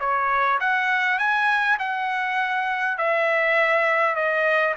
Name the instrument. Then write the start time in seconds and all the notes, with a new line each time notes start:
trumpet
0.00 C#5
0.60 F#5
1.19 G#5
1.79 F#5
2.98 E5
4.16 D#5